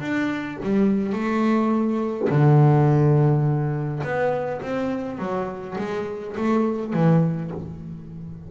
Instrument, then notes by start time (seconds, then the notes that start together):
double bass
0.00 D4
0.63 G3
1.13 A3
2.29 D3
4.04 B3
4.62 C4
5.19 F#3
5.78 G#3
6.37 A3
6.93 E3